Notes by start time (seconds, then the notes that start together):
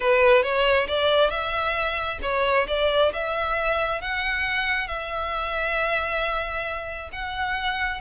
0.00 B4
0.42 C#5
0.87 D5
1.30 E5
2.22 C#5
2.67 D5
3.13 E5
4.01 F#5
4.87 E5
7.12 F#5